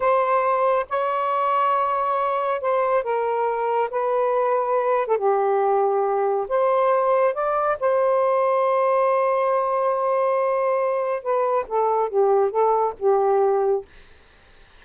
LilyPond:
\new Staff \with { instrumentName = "saxophone" } { \time 4/4 \tempo 4 = 139 c''2 cis''2~ | cis''2 c''4 ais'4~ | ais'4 b'2~ b'8. a'16 | g'2. c''4~ |
c''4 d''4 c''2~ | c''1~ | c''2 b'4 a'4 | g'4 a'4 g'2 | }